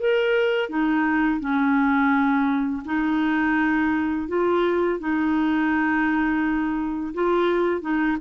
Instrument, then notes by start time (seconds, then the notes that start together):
clarinet
0.00 A#4
0.69 D#4
1.40 C#4
2.85 D#4
4.28 F4
5.00 D#4
7.14 F4
7.82 D#4